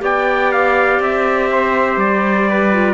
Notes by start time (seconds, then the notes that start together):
0.00 B3 G4 D5 G5
0.52 F5
1.00 C4 E5
1.52 C5
1.97 G3 D5
2.50 B4
2.73 F4